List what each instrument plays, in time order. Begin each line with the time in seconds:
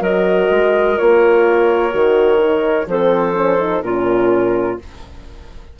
0.00 bassoon F#3, horn F#4, clarinet A#4, flute D#5
0.50 bassoon G#3
0.97 bassoon A#3, horn F4, flute C#5
1.91 bassoon D#3, horn F#4
2.39 horn D#4
2.87 bassoon F3, horn C4, clarinet A4, flute C5
3.34 horn C#4
3.59 horn D#4
3.82 bassoon A#2, horn C#4, clarinet F4, flute A#4